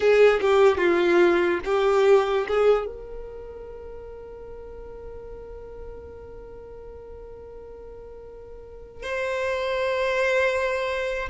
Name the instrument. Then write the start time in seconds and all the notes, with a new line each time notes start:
violin
0.00 G#4
0.40 G4
0.77 F4
1.64 G4
2.48 G#4
2.86 A#4
9.02 C5